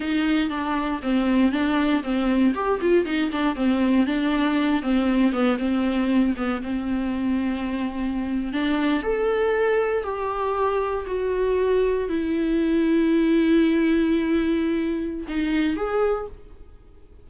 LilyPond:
\new Staff \with { instrumentName = "viola" } { \time 4/4 \tempo 4 = 118 dis'4 d'4 c'4 d'4 | c'4 g'8 f'8 dis'8 d'8 c'4 | d'4. c'4 b8 c'4~ | c'8 b8 c'2.~ |
c'8. d'4 a'2 g'16~ | g'4.~ g'16 fis'2 e'16~ | e'1~ | e'2 dis'4 gis'4 | }